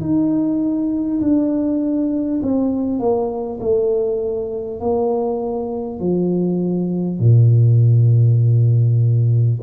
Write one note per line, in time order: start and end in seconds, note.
0.00 1.20 D#4
1.21 2.41 D4
2.42 2.99 C4
2.99 3.59 A#3
3.60 4.80 A3
4.80 5.99 A#3
5.99 7.19 F3
7.19 9.59 A#2